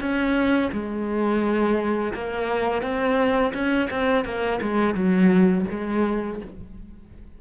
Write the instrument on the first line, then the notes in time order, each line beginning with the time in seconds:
cello
0.00 C#4
0.73 G#3
2.14 A#3
2.82 C4
3.54 C#4
3.90 C4
4.25 A#3
4.62 G#3
4.94 F#3
5.70 G#3